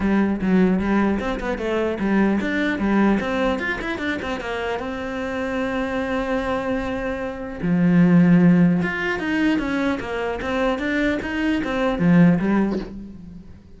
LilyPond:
\new Staff \with { instrumentName = "cello" } { \time 4/4 \tempo 4 = 150 g4 fis4 g4 c'8 b8 | a4 g4 d'4 g4 | c'4 f'8 e'8 d'8 c'8 ais4 | c'1~ |
c'2. f4~ | f2 f'4 dis'4 | cis'4 ais4 c'4 d'4 | dis'4 c'4 f4 g4 | }